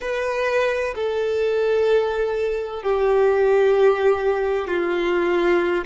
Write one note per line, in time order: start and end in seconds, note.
0.00 0.94 B4
0.95 2.83 A4
2.83 4.67 G4
4.67 5.85 F4